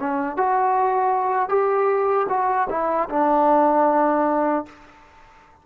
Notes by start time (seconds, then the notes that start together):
0.00 C#4
0.37 F#4
1.49 G4
2.29 F#4
2.70 E4
3.10 D4